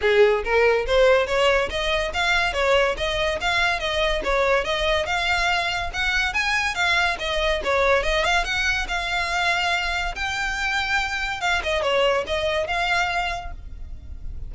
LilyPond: \new Staff \with { instrumentName = "violin" } { \time 4/4 \tempo 4 = 142 gis'4 ais'4 c''4 cis''4 | dis''4 f''4 cis''4 dis''4 | f''4 dis''4 cis''4 dis''4 | f''2 fis''4 gis''4 |
f''4 dis''4 cis''4 dis''8 f''8 | fis''4 f''2. | g''2. f''8 dis''8 | cis''4 dis''4 f''2 | }